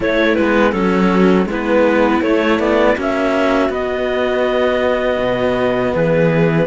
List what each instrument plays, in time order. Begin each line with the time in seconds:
0.00 cello A3, viola E4, clarinet C#5
0.35 cello G#3 B3, clarinet B4
0.72 cello F#3 C#4, viola F#4, clarinet A4
1.45 cello G#3 B3, viola E4, clarinet B4
2.21 cello A3, clarinet C#5
2.59 cello B3, clarinet D5
2.96 cello A#3 C#4, viola F#4, clarinet E5
3.69 cello B3, clarinet D#5
5.19 cello B2
5.93 cello E3, viola G#4, clarinet B4